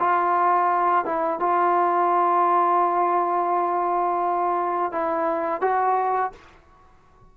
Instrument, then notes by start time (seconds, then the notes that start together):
trombone
0.00 F4
1.06 E4
1.40 F4
4.93 E4
5.62 F#4